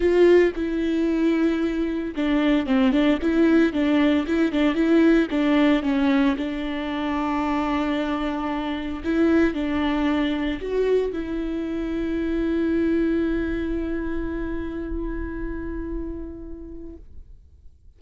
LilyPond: \new Staff \with { instrumentName = "viola" } { \time 4/4 \tempo 4 = 113 f'4 e'2. | d'4 c'8 d'8 e'4 d'4 | e'8 d'8 e'4 d'4 cis'4 | d'1~ |
d'4 e'4 d'2 | fis'4 e'2.~ | e'1~ | e'1 | }